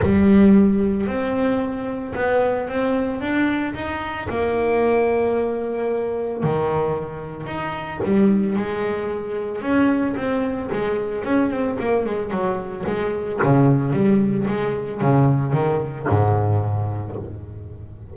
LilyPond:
\new Staff \with { instrumentName = "double bass" } { \time 4/4 \tempo 4 = 112 g2 c'2 | b4 c'4 d'4 dis'4 | ais1 | dis2 dis'4 g4 |
gis2 cis'4 c'4 | gis4 cis'8 c'8 ais8 gis8 fis4 | gis4 cis4 g4 gis4 | cis4 dis4 gis,2 | }